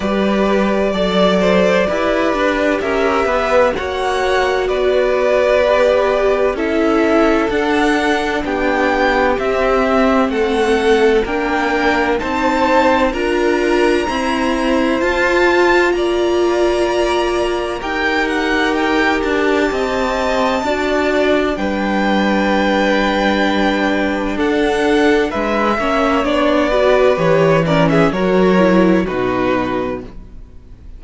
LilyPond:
<<
  \new Staff \with { instrumentName = "violin" } { \time 4/4 \tempo 4 = 64 d''2. e''4 | fis''4 d''2 e''4 | fis''4 g''4 e''4 fis''4 | g''4 a''4 ais''2 |
a''4 ais''2 g''8 fis''8 | g''8 a''2~ a''8 g''4~ | g''2 fis''4 e''4 | d''4 cis''8 d''16 e''16 cis''4 b'4 | }
  \new Staff \with { instrumentName = "violin" } { \time 4/4 b'4 d''8 c''8 b'4 ais'8 b'8 | cis''4 b'2 a'4~ | a'4 g'2 a'4 | ais'4 c''4 ais'4 c''4~ |
c''4 d''2 ais'4~ | ais'4 dis''4 d''4 b'4~ | b'2 a'4 b'8 cis''8~ | cis''8 b'4 ais'16 gis'16 ais'4 fis'4 | }
  \new Staff \with { instrumentName = "viola" } { \time 4/4 g'4 a'4 g'2 | fis'2 g'4 e'4 | d'2 c'2 | d'4 dis'4 f'4 c'4 |
f'2. g'4~ | g'2 fis'4 d'4~ | d'2.~ d'8 cis'8 | d'8 fis'8 g'8 cis'8 fis'8 e'8 dis'4 | }
  \new Staff \with { instrumentName = "cello" } { \time 4/4 g4 fis4 e'8 d'8 cis'8 b8 | ais4 b2 cis'4 | d'4 b4 c'4 a4 | ais4 c'4 d'4 e'4 |
f'4 ais2 dis'4~ | dis'8 d'8 c'4 d'4 g4~ | g2 d'4 gis8 ais8 | b4 e4 fis4 b,4 | }
>>